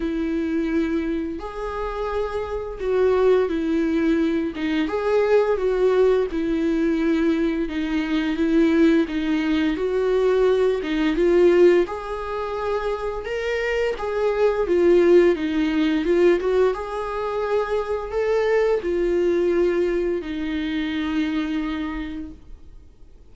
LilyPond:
\new Staff \with { instrumentName = "viola" } { \time 4/4 \tempo 4 = 86 e'2 gis'2 | fis'4 e'4. dis'8 gis'4 | fis'4 e'2 dis'4 | e'4 dis'4 fis'4. dis'8 |
f'4 gis'2 ais'4 | gis'4 f'4 dis'4 f'8 fis'8 | gis'2 a'4 f'4~ | f'4 dis'2. | }